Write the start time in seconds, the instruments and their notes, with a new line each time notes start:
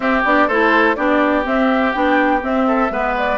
0.00 bassoon C4, clarinet C4, oboe G4, flute E5
0.24 bassoon B3, clarinet D4, flute D5
0.47 bassoon A3, clarinet E4, oboe A4, flute C5
0.95 bassoon B3, clarinet D4, oboe G4, flute D5
1.44 clarinet C4, bassoon C4, flute E5
1.92 bassoon B3, clarinet D4, flute G5
2.41 clarinet C4, bassoon C4, flute E5
2.67 oboe A4
2.90 bassoon G#3, clarinet B3, oboe B4
3.17 flute D5